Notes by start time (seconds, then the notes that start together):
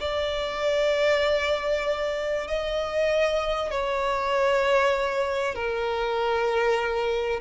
0.00 D5
2.47 D#5
3.71 C#5
5.55 A#4